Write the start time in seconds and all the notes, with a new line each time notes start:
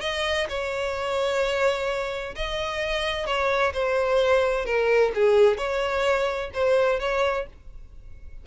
0.00 D#5
0.49 C#5
2.35 D#5
3.26 C#5
3.73 C5
4.65 A#4
5.14 G#4
5.57 C#5
6.54 C5
6.99 C#5